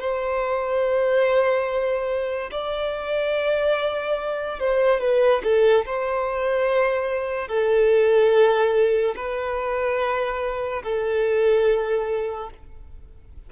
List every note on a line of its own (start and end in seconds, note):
0.00 2.50 C5
2.51 4.59 D5
4.59 5.00 C5
5.00 5.42 B4
5.43 5.85 A4
5.85 7.48 C5
7.48 9.14 A4
9.16 10.82 B4
10.83 12.50 A4